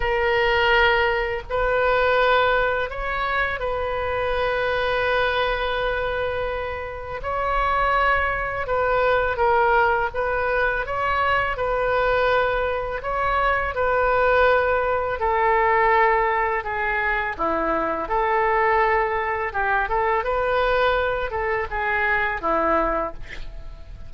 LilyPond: \new Staff \with { instrumentName = "oboe" } { \time 4/4 \tempo 4 = 83 ais'2 b'2 | cis''4 b'2.~ | b'2 cis''2 | b'4 ais'4 b'4 cis''4 |
b'2 cis''4 b'4~ | b'4 a'2 gis'4 | e'4 a'2 g'8 a'8 | b'4. a'8 gis'4 e'4 | }